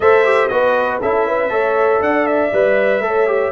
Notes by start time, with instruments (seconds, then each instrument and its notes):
0.00 tuba A3, trombone A4, horn C5, trumpet E5
0.24 trombone G4
0.48 tuba B3, trombone F#4, horn B4, trumpet D#5
1.01 tuba C#4, trombone E4, horn A4, trumpet E5
1.26 horn B4
1.49 tuba A3, trombone A4, horn C#5
2.00 tuba D4, horn D5, trumpet F#5
2.26 trumpet E5
2.53 tuba G3, trombone B4
3.00 tuba A3, trombone A4
3.07 horn C#5
3.27 trombone G4